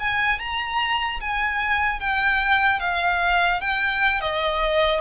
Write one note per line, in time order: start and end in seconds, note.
0.00 0.39 G#5
0.39 1.21 A#5
1.21 2.00 G#5
2.00 2.80 G5
2.80 3.61 F5
3.61 4.21 G5
4.21 5.01 D#5